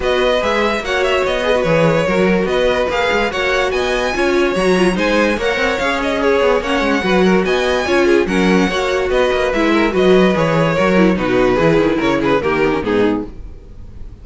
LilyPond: <<
  \new Staff \with { instrumentName = "violin" } { \time 4/4 \tempo 4 = 145 dis''4 e''4 fis''8 e''8 dis''4 | cis''2 dis''4 f''4 | fis''4 gis''2 ais''4 | gis''4 fis''4 f''8 dis''8 cis''4 |
fis''2 gis''2 | fis''2 dis''4 e''4 | dis''4 cis''2 b'4~ | b'4 cis''8 b'8 ais'4 gis'4 | }
  \new Staff \with { instrumentName = "violin" } { \time 4/4 b'2 cis''4. b'8~ | b'4 ais'4 b'2 | cis''4 dis''4 cis''2 | c''4 cis''2 gis'4 |
cis''4 b'8 ais'8 dis''4 cis''8 gis'8 | ais'4 cis''4 b'4. ais'8 | b'2 ais'4 fis'4 | gis'4 ais'8 gis'8 g'4 dis'4 | }
  \new Staff \with { instrumentName = "viola" } { \time 4/4 fis'4 gis'4 fis'4. gis'16 fis'16 | gis'4 fis'2 gis'4 | fis'2 f'4 fis'8 f'8 | dis'4 ais'4 gis'2 |
cis'4 fis'2 f'4 | cis'4 fis'2 e'4 | fis'4 gis'4 fis'8 e'8 dis'4 | e'2 ais8 b16 cis'16 b4 | }
  \new Staff \with { instrumentName = "cello" } { \time 4/4 b4 gis4 ais4 b4 | e4 fis4 b4 ais8 gis8 | ais4 b4 cis'4 fis4 | gis4 ais8 c'8 cis'4. b8 |
ais8 gis8 fis4 b4 cis'4 | fis4 ais4 b8 ais8 gis4 | fis4 e4 fis4 b,4 | e8 dis8 cis4 dis4 gis,4 | }
>>